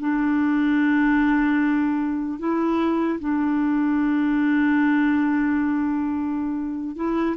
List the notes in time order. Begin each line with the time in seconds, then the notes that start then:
0.00 D4
2.39 E4
3.19 D4
6.96 E4